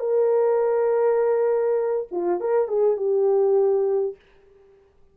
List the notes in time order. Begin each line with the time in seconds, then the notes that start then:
0.00 A#4
2.11 F4
2.41 A#4
2.68 G#4
2.97 G4